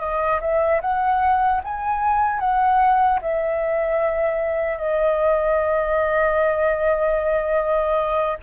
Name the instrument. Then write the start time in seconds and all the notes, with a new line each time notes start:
flute
0.00 D#5
0.41 E5
0.81 F#5
1.64 G#5
2.39 F#5
3.21 E5
4.77 D#5